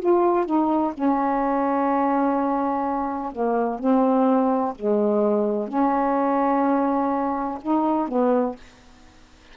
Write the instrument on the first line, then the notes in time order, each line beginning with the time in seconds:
saxophone
0.00 F4
0.46 D#4
0.94 C#4
3.32 A#3
3.80 C4
4.75 G#3
5.68 C#4
7.62 D#4
8.08 B3